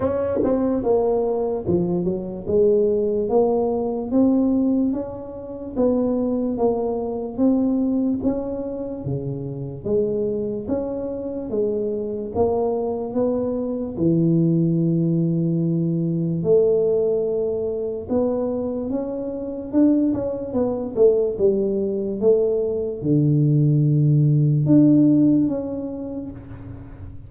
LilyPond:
\new Staff \with { instrumentName = "tuba" } { \time 4/4 \tempo 4 = 73 cis'8 c'8 ais4 f8 fis8 gis4 | ais4 c'4 cis'4 b4 | ais4 c'4 cis'4 cis4 | gis4 cis'4 gis4 ais4 |
b4 e2. | a2 b4 cis'4 | d'8 cis'8 b8 a8 g4 a4 | d2 d'4 cis'4 | }